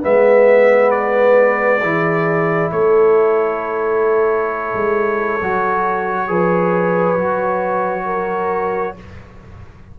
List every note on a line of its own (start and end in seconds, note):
0.00 1.82 G#3
0.00 1.81 B3
0.00 1.79 B4
0.00 0.91 E5
0.91 2.70 D5
1.82 2.71 E3
1.82 5.40 E4
1.82 2.71 G#4
2.72 4.73 A3
2.72 6.29 A4
2.72 8.99 C#5
4.74 5.41 G#3
5.42 6.29 F#3
5.42 6.28 F#4
6.28 7.17 F3
6.28 7.17 G#4
6.28 8.05 B4
7.17 8.96 F#3
7.17 8.97 F#4
8.05 8.95 A#4